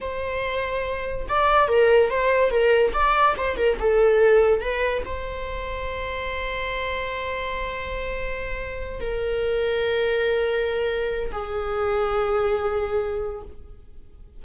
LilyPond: \new Staff \with { instrumentName = "viola" } { \time 4/4 \tempo 4 = 143 c''2. d''4 | ais'4 c''4 ais'4 d''4 | c''8 ais'8 a'2 b'4 | c''1~ |
c''1~ | c''4. ais'2~ ais'8~ | ais'2. gis'4~ | gis'1 | }